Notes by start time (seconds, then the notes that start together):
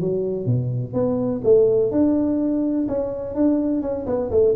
0.00 F#3
0.46 B2
0.93 B3
1.44 A3
1.92 D4
2.88 C#4
3.35 D4
3.82 C#4
4.06 B3
4.31 A3